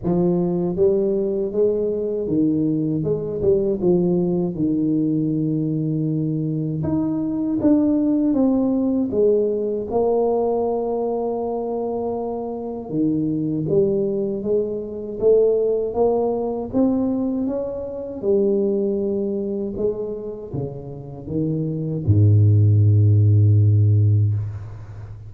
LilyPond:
\new Staff \with { instrumentName = "tuba" } { \time 4/4 \tempo 4 = 79 f4 g4 gis4 dis4 | gis8 g8 f4 dis2~ | dis4 dis'4 d'4 c'4 | gis4 ais2.~ |
ais4 dis4 g4 gis4 | a4 ais4 c'4 cis'4 | g2 gis4 cis4 | dis4 gis,2. | }